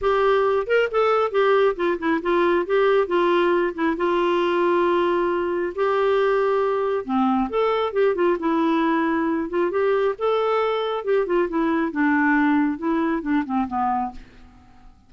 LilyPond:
\new Staff \with { instrumentName = "clarinet" } { \time 4/4 \tempo 4 = 136 g'4. ais'8 a'4 g'4 | f'8 e'8 f'4 g'4 f'4~ | f'8 e'8 f'2.~ | f'4 g'2. |
c'4 a'4 g'8 f'8 e'4~ | e'4. f'8 g'4 a'4~ | a'4 g'8 f'8 e'4 d'4~ | d'4 e'4 d'8 c'8 b4 | }